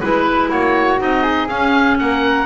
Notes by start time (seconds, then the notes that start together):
0.00 G#3 E4 B4
0.50 A#3 F#4 C#5
0.98 C4 D#4 D#5
1.22 G#4
1.48 C#4 F5
1.99 A#3 A#4 F#5